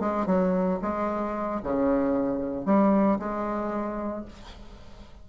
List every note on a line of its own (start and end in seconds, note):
0.00 0.26 G#3
0.26 0.79 F#3
0.82 1.62 G#3
1.63 2.66 C#3
2.66 3.19 G3
3.19 4.25 G#3